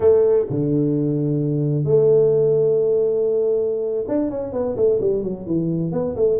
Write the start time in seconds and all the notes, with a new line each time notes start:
0.00 A3
0.50 D3
1.84 A3
4.08 D4
4.30 C#4
4.52 B3
4.76 A3
5.01 G3
5.23 F#3
5.46 E3
5.92 B3
6.16 A3